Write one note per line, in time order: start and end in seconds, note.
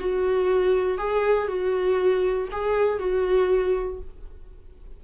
0.00 0.98 F#4
0.98 1.48 G#4
1.48 2.49 F#4
2.52 2.99 G#4
2.99 4.00 F#4